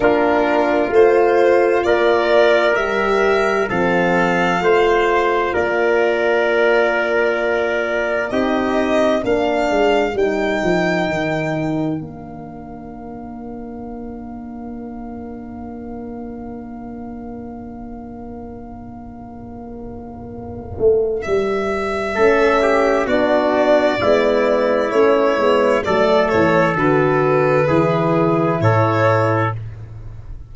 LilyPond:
<<
  \new Staff \with { instrumentName = "violin" } { \time 4/4 \tempo 4 = 65 ais'4 c''4 d''4 e''4 | f''2 d''2~ | d''4 dis''4 f''4 g''4~ | g''4 f''2.~ |
f''1~ | f''2. e''4~ | e''4 d''2 cis''4 | d''8 cis''8 b'2 cis''4 | }
  \new Staff \with { instrumentName = "trumpet" } { \time 4/4 f'2 ais'2 | a'4 c''4 ais'2~ | ais'4 g'4 ais'2~ | ais'1~ |
ais'1~ | ais'1 | a'8 g'8 fis'4 e'2 | a'2 gis'4 a'4 | }
  \new Staff \with { instrumentName = "horn" } { \time 4/4 d'4 f'2 g'4 | c'4 f'2.~ | f'4 dis'4 d'4 dis'4~ | dis'4 d'2.~ |
d'1~ | d'1 | cis'4 d'4 b4 cis'8 b8 | a4 fis'4 e'2 | }
  \new Staff \with { instrumentName = "tuba" } { \time 4/4 ais4 a4 ais4 g4 | f4 a4 ais2~ | ais4 c'4 ais8 gis8 g8 f8 | dis4 ais2.~ |
ais1~ | ais2~ ais8 a8 g4 | a4 b4 gis4 a8 gis8 | fis8 e8 d4 e4 a,4 | }
>>